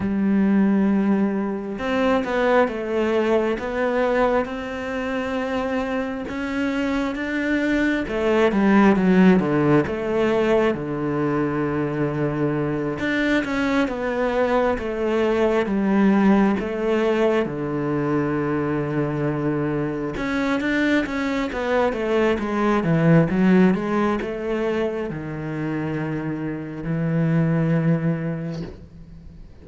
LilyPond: \new Staff \with { instrumentName = "cello" } { \time 4/4 \tempo 4 = 67 g2 c'8 b8 a4 | b4 c'2 cis'4 | d'4 a8 g8 fis8 d8 a4 | d2~ d8 d'8 cis'8 b8~ |
b8 a4 g4 a4 d8~ | d2~ d8 cis'8 d'8 cis'8 | b8 a8 gis8 e8 fis8 gis8 a4 | dis2 e2 | }